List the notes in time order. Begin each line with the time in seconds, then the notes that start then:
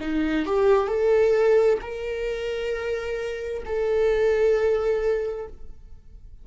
0.00 D#4
0.45 G4
0.88 A4
1.81 A#4
3.65 A4